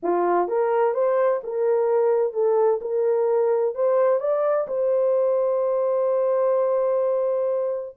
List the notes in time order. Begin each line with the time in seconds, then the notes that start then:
0.02 F4
0.48 A#4
0.94 C5
1.43 A#4
2.33 A4
2.81 A#4
3.74 C5
4.20 D5
4.67 C5